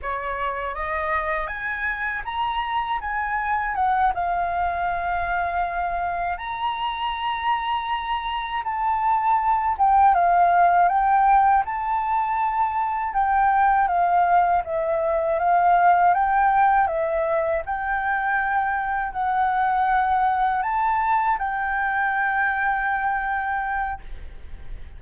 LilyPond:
\new Staff \with { instrumentName = "flute" } { \time 4/4 \tempo 4 = 80 cis''4 dis''4 gis''4 ais''4 | gis''4 fis''8 f''2~ f''8~ | f''8 ais''2. a''8~ | a''4 g''8 f''4 g''4 a''8~ |
a''4. g''4 f''4 e''8~ | e''8 f''4 g''4 e''4 g''8~ | g''4. fis''2 a''8~ | a''8 g''2.~ g''8 | }